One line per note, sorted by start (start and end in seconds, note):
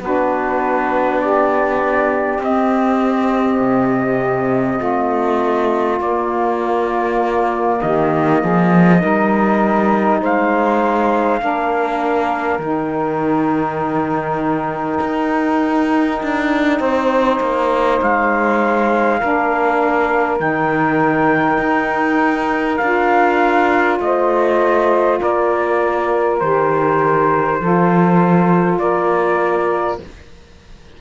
0.00 2.39 B3
0.00 2.41 D4
0.00 1.21 F#4
0.00 1.22 B4
1.22 4.78 G4
1.22 2.42 D5
2.39 3.59 C4
2.39 6.00 C4
2.39 6.02 D#5
3.60 4.80 C3
4.78 6.00 A3
4.78 7.78 F4
6.00 7.81 A#3
6.00 9.00 A#3
6.00 7.82 D5
7.82 8.43 D#3
7.82 8.41 G4
7.82 10.22 D#5
8.41 9.03 F3
8.41 9.00 G#4
9.00 10.22 G3
9.00 11.39 D#4
9.00 10.20 A#4
10.21 11.42 G#3
10.21 11.41 C5
10.21 12.61 F5
11.40 12.59 A#3
11.40 12.60 D4
11.40 16.80 A#4
12.59 14.99 D#3
12.59 19.20 D#4
12.59 18.01 G5
15.01 16.21 D#4
16.23 16.80 D4
16.80 17.40 C4
16.80 19.19 C5
17.41 18.01 A#3
18.02 19.22 G#3
18.02 20.40 F5
19.19 20.40 A#3
19.19 20.39 D4
19.19 23.99 A#4
20.39 21.59 D#3
20.39 22.79 D#4
20.39 22.77 G5
21.59 22.79 D#4
22.77 24.00 D4
22.77 26.41 F4
22.77 23.97 F5
24.00 25.20 A3
24.00 25.20 C5
24.00 25.21 D#5
25.20 26.41 A#3
25.20 27.59 A#4
25.20 26.40 D5
26.40 27.61 D#3
26.40 27.61 G4
26.40 28.79 C5
27.60 28.79 F3
27.60 30.01 F4
27.60 28.80 A4
28.79 29.99 A#3
28.79 30.00 A#4
28.79 29.99 D5